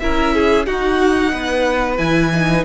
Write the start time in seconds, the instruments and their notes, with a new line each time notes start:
0.00 cello C#4, viola E4, violin A#4 E5
0.35 violin G#4
0.66 viola D#4, cello D#4, violin F#4 F#5
1.33 cello B3, violin B4
1.98 cello E3, viola E4, violin G#5
2.35 viola D#4